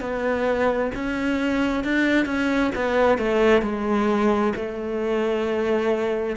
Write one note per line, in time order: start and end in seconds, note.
0.00 0.91 B3
0.95 1.83 C#4
1.83 2.25 D4
2.25 2.71 C#4
2.75 3.17 B3
3.17 3.62 A3
3.62 4.52 G#3
4.55 6.36 A3